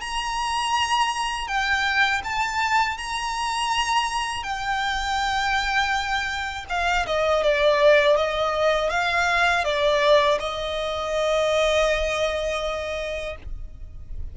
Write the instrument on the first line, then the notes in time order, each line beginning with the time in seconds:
violin
0.00 A#5
1.47 G5
2.23 A5
2.97 A#5
4.43 G5
6.69 F5
7.06 D#5
7.42 D5
8.16 D#5
8.90 F5
9.64 D5
10.39 D#5